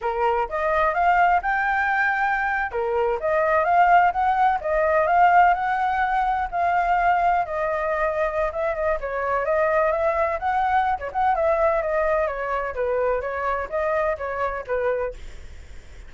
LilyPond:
\new Staff \with { instrumentName = "flute" } { \time 4/4 \tempo 4 = 127 ais'4 dis''4 f''4 g''4~ | g''4.~ g''16 ais'4 dis''4 f''16~ | f''8. fis''4 dis''4 f''4 fis''16~ | fis''4.~ fis''16 f''2 dis''16~ |
dis''2 e''8 dis''8 cis''4 | dis''4 e''4 fis''4~ fis''16 cis''16 fis''8 | e''4 dis''4 cis''4 b'4 | cis''4 dis''4 cis''4 b'4 | }